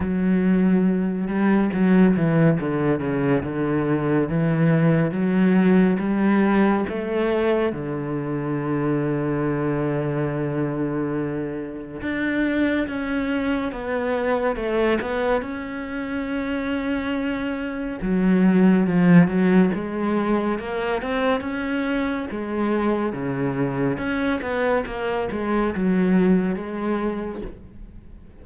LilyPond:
\new Staff \with { instrumentName = "cello" } { \time 4/4 \tempo 4 = 70 fis4. g8 fis8 e8 d8 cis8 | d4 e4 fis4 g4 | a4 d2.~ | d2 d'4 cis'4 |
b4 a8 b8 cis'2~ | cis'4 fis4 f8 fis8 gis4 | ais8 c'8 cis'4 gis4 cis4 | cis'8 b8 ais8 gis8 fis4 gis4 | }